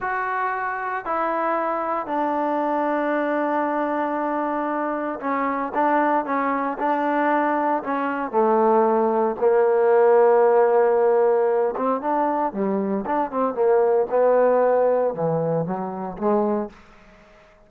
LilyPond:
\new Staff \with { instrumentName = "trombone" } { \time 4/4 \tempo 4 = 115 fis'2 e'2 | d'1~ | d'2 cis'4 d'4 | cis'4 d'2 cis'4 |
a2 ais2~ | ais2~ ais8 c'8 d'4 | g4 d'8 c'8 ais4 b4~ | b4 e4 fis4 gis4 | }